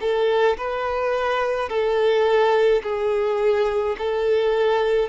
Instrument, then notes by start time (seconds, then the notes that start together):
violin
0.00 A4
0.57 B4
1.69 A4
2.83 G#4
3.98 A4